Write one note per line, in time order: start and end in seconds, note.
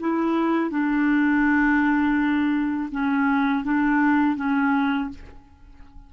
0.00 0.70 E4
0.70 2.90 D4
2.92 3.65 C#4
3.65 4.36 D4
4.36 5.10 C#4